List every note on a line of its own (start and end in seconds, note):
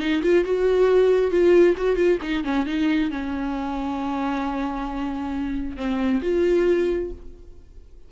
0.00 0.22 D#4
0.23 0.44 F4
0.44 1.31 F#4
1.31 1.75 F4
1.77 1.96 F#4
1.96 2.18 F4
2.22 2.44 D#4
2.44 2.66 C#4
2.66 3.11 D#4
3.11 5.77 C#4
5.77 6.21 C4
6.22 7.11 F4